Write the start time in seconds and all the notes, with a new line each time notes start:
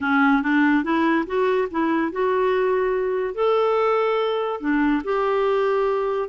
0.00 C#4
0.42 D4
0.83 E4
1.26 F#4
1.71 E4
2.12 F#4
3.34 A4
4.60 D4
5.03 G4